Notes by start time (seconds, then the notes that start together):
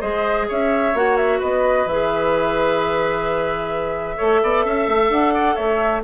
0.00 G#3 G#4 C5 D#5
0.48 C#4 C#5 E5
0.94 A#3 F#4 F#5
1.17 E5
1.39 B3 B4 D#5
1.85 E3 G#4 E5
4.17 A3 A4 C#5
4.42 B3 D5
4.64 C#4 E5
4.87 A3
5.09 D4 F#5
5.34 D5
5.55 A3 C#5 E5